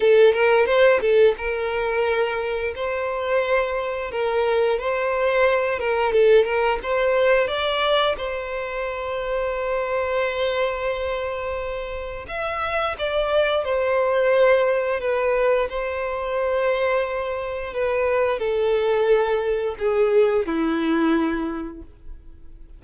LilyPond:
\new Staff \with { instrumentName = "violin" } { \time 4/4 \tempo 4 = 88 a'8 ais'8 c''8 a'8 ais'2 | c''2 ais'4 c''4~ | c''8 ais'8 a'8 ais'8 c''4 d''4 | c''1~ |
c''2 e''4 d''4 | c''2 b'4 c''4~ | c''2 b'4 a'4~ | a'4 gis'4 e'2 | }